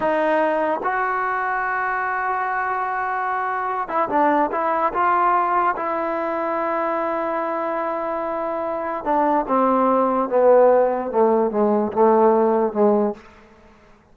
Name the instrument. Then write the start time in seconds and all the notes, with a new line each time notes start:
trombone
0.00 D#4
0.83 F#4
3.88 E4
4.09 D4
4.51 E4
4.93 F4
5.76 E4
9.04 D4
9.48 C4
10.29 B3
11.11 A3
11.50 G#3
11.92 A3
12.73 G#3